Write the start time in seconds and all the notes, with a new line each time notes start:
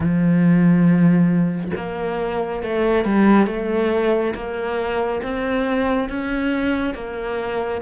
0.00 F3
1.76 A#3
2.62 A3
3.04 G3
3.47 A3
4.34 A#3
5.22 C4
6.09 C#4
6.94 A#3